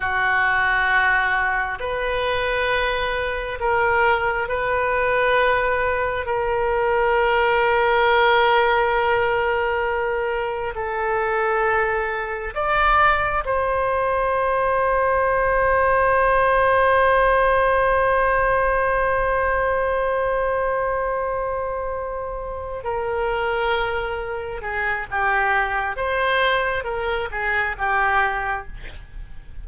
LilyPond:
\new Staff \with { instrumentName = "oboe" } { \time 4/4 \tempo 4 = 67 fis'2 b'2 | ais'4 b'2 ais'4~ | ais'1 | a'2 d''4 c''4~ |
c''1~ | c''1~ | c''4. ais'2 gis'8 | g'4 c''4 ais'8 gis'8 g'4 | }